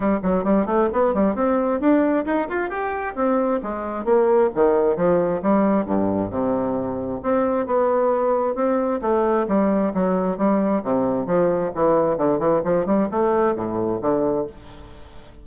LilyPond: \new Staff \with { instrumentName = "bassoon" } { \time 4/4 \tempo 4 = 133 g8 fis8 g8 a8 b8 g8 c'4 | d'4 dis'8 f'8 g'4 c'4 | gis4 ais4 dis4 f4 | g4 g,4 c2 |
c'4 b2 c'4 | a4 g4 fis4 g4 | c4 f4 e4 d8 e8 | f8 g8 a4 a,4 d4 | }